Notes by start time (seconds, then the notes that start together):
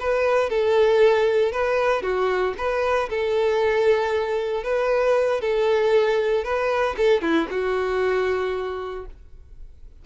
0.00 B4
0.50 A4
1.52 B4
2.02 F#4
2.58 B4
3.09 A4
4.63 B4
5.41 A4
6.44 B4
6.97 A4
7.22 E4
7.50 F#4